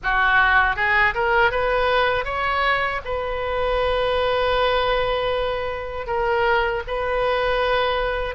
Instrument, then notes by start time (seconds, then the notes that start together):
oboe
0.03 F#4
0.76 G#4
1.14 A#4
1.51 B4
2.24 C#5
3.04 B4
6.06 A#4
6.87 B4